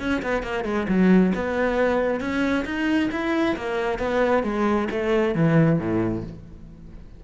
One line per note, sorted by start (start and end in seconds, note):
0.00 0.22 C#4
0.23 0.43 B3
0.43 0.65 A#3
0.65 0.87 G#3
0.89 1.33 F#3
1.35 2.21 B3
2.21 2.65 C#4
2.65 3.10 D#4
3.12 3.57 E4
3.57 3.99 A#3
3.99 4.43 B3
4.44 4.88 G#3
4.91 5.35 A3
5.35 5.80 E3
5.80 6.24 A2